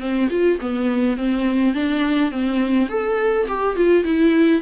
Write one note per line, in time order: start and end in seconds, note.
0.00 0.29 C4
0.30 0.59 F4
0.61 1.17 B3
1.17 1.75 C4
1.75 2.32 D4
2.32 2.89 C4
2.89 3.47 A4
3.48 3.77 G4
3.77 4.04 F4
4.04 4.62 E4